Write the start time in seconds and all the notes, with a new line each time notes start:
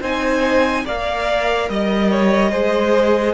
0.00 C4 D#4 C5 G#5
0.85 A#3 A#4 D5 F5
1.69 G3 D#5
2.10 C#5
2.51 G#3 G#4 C5